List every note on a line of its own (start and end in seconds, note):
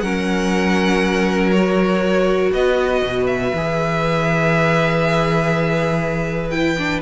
0.00 2.51 F#3
0.00 1.53 C#4
0.00 2.52 A#4
0.00 1.50 F#5
1.51 3.53 F#4
1.51 2.51 C#5
2.52 3.02 B3
2.52 7.01 B4
2.52 3.26 D#5
3.02 3.52 B2
3.26 6.50 E5
3.52 7.01 E3
3.52 6.51 G#4
6.50 6.76 E4
6.50 7.00 G5
6.77 7.01 D4